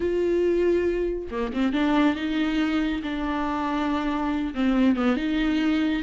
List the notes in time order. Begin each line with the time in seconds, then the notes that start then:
0.00 F4
1.30 A#3
1.53 C4
1.73 D4
2.15 D#4
3.03 D4
4.54 C4
4.96 B3
5.16 D#4